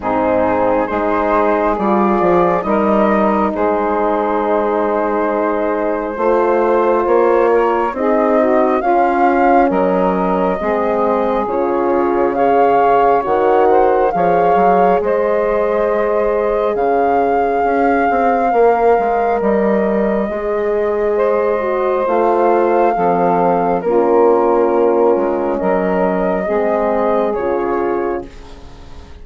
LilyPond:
<<
  \new Staff \with { instrumentName = "flute" } { \time 4/4 \tempo 4 = 68 gis'4 c''4 d''4 dis''4 | c''1 | cis''4 dis''4 f''4 dis''4~ | dis''4 cis''4 f''4 fis''4 |
f''4 dis''2 f''4~ | f''2 dis''2~ | dis''4 f''2 ais'4~ | ais'4 dis''2 cis''4 | }
  \new Staff \with { instrumentName = "saxophone" } { \time 4/4 dis'4 gis'2 ais'4 | gis'2. c''4~ | c''8 ais'8 gis'8 fis'8 f'4 ais'4 | gis'2 cis''4. c''8 |
cis''4 c''2 cis''4~ | cis''1 | c''2 a'4 f'4~ | f'4 ais'4 gis'2 | }
  \new Staff \with { instrumentName = "horn" } { \time 4/4 c'4 dis'4 f'4 dis'4~ | dis'2. f'4~ | f'4 dis'4 cis'2 | c'4 f'4 gis'4 fis'4 |
gis'1~ | gis'4 ais'2 gis'4~ | gis'8 fis'8 f'4 c'4 cis'4~ | cis'2 c'4 f'4 | }
  \new Staff \with { instrumentName = "bassoon" } { \time 4/4 gis,4 gis4 g8 f8 g4 | gis2. a4 | ais4 c'4 cis'4 fis4 | gis4 cis2 dis4 |
f8 fis8 gis2 cis4 | cis'8 c'8 ais8 gis8 g4 gis4~ | gis4 a4 f4 ais4~ | ais8 gis8 fis4 gis4 cis4 | }
>>